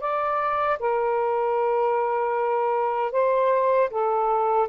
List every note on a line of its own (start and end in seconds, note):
0.00 0.78 D5
0.79 3.11 A#4
3.11 3.89 C5
3.90 4.68 A4